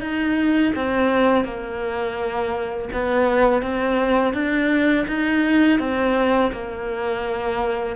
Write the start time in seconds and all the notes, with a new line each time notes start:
0.00 D#4
0.75 C4
1.44 A#3
2.92 B3
3.61 C4
4.33 D4
5.07 D#4
5.79 C4
6.52 A#3